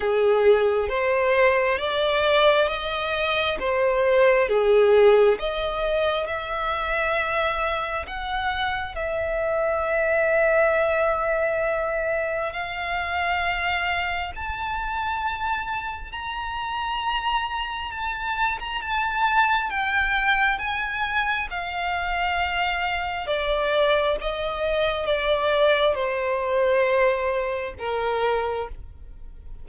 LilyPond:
\new Staff \with { instrumentName = "violin" } { \time 4/4 \tempo 4 = 67 gis'4 c''4 d''4 dis''4 | c''4 gis'4 dis''4 e''4~ | e''4 fis''4 e''2~ | e''2 f''2 |
a''2 ais''2 | a''8. ais''16 a''4 g''4 gis''4 | f''2 d''4 dis''4 | d''4 c''2 ais'4 | }